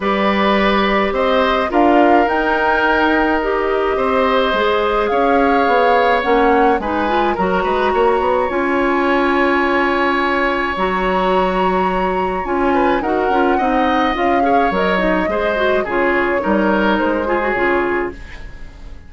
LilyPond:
<<
  \new Staff \with { instrumentName = "flute" } { \time 4/4 \tempo 4 = 106 d''2 dis''4 f''4 | g''2 dis''2~ | dis''4 f''2 fis''4 | gis''4 ais''2 gis''4~ |
gis''2. ais''4~ | ais''2 gis''4 fis''4~ | fis''4 f''4 dis''2 | cis''2 c''4 cis''4 | }
  \new Staff \with { instrumentName = "oboe" } { \time 4/4 b'2 c''4 ais'4~ | ais'2. c''4~ | c''4 cis''2. | b'4 ais'8 b'8 cis''2~ |
cis''1~ | cis''2~ cis''8 b'8 ais'4 | dis''4. cis''4. c''4 | gis'4 ais'4. gis'4. | }
  \new Staff \with { instrumentName = "clarinet" } { \time 4/4 g'2. f'4 | dis'2 g'2 | gis'2. cis'4 | dis'8 f'8 fis'2 f'4~ |
f'2. fis'4~ | fis'2 f'4 fis'8 f'8 | dis'4 f'8 gis'8 ais'8 dis'8 gis'8 fis'8 | f'4 dis'4. f'16 fis'16 f'4 | }
  \new Staff \with { instrumentName = "bassoon" } { \time 4/4 g2 c'4 d'4 | dis'2. c'4 | gis4 cis'4 b4 ais4 | gis4 fis8 gis8 ais8 b8 cis'4~ |
cis'2. fis4~ | fis2 cis'4 dis'8 cis'8 | c'4 cis'4 fis4 gis4 | cis4 g4 gis4 cis4 | }
>>